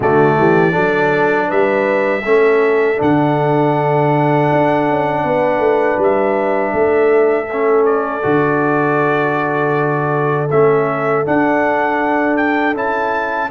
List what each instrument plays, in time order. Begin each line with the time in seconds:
0.00 tuba D3, trombone A3, horn F#4, trumpet D5
0.38 tuba E3, horn G4
0.71 tuba F#3, trombone D4, horn A4
1.48 tuba G3, horn B4, trumpet E5
2.24 tuba A3, trombone C#4, horn A4
2.95 tuba D3, trombone D4
3.02 trumpet F#5
4.52 tuba D4
4.89 tuba C#4
5.24 tuba B3, horn B4
5.59 tuba A3
5.97 tuba G3, trumpet E5
6.73 tuba A3, horn A4
7.52 trombone C#4
7.85 trumpet D5
8.22 tuba D3, trombone F#4
10.50 tuba A3, trombone C#4, trumpet E5
11.25 trombone D4, tuba D4, trumpet F#5
12.36 trumpet G5
12.74 tuba C#4, trombone E4, trumpet A5